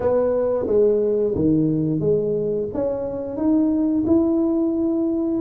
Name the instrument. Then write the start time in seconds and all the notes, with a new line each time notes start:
tuba
0.00 B3
0.66 G#3
1.35 D#3
2.00 G#3
2.73 C#4
3.36 D#4
4.06 E4